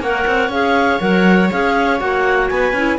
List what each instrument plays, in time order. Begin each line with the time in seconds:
0.00 cello A#3, clarinet A#4 F#5, viola C#5
0.27 cello C4
0.49 cello C#4, clarinet G#4 F5
1.00 cello F#3, clarinet A#4 F#5
1.51 cello C#4, clarinet G#4 F5
1.99 cello A#3, clarinet F#4 F#5
2.48 cello B3, viola B4, clarinet G#5
2.73 cello C#4, clarinet E4